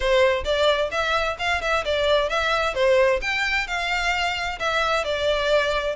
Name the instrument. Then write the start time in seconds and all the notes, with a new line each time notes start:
violin
0.00 C5
0.44 D5
0.91 E5
1.38 F5
1.61 E5
1.84 D5
2.29 E5
2.74 C5
3.21 G5
3.67 F5
4.59 E5
5.04 D5